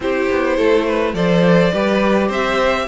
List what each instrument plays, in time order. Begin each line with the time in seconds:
0.00 cello C4, viola E4, violin G4 C5
0.30 cello B3
0.56 cello A3, violin A4
0.86 violin B4
1.13 cello F3, viola A4, violin C5 D5
1.73 cello G3, viola G4, violin B4
2.28 cello C4, violin C5 E5